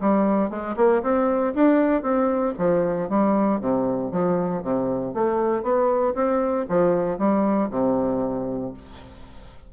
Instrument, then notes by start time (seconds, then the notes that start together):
bassoon
0.00 G3
0.50 G#3
0.76 A#3
1.02 C4
1.54 D4
2.02 C4
2.58 F3
3.09 G3
3.60 C3
4.11 F3
4.63 C3
5.14 A3
5.63 B3
6.14 C4
6.68 F3
7.18 G3
7.70 C3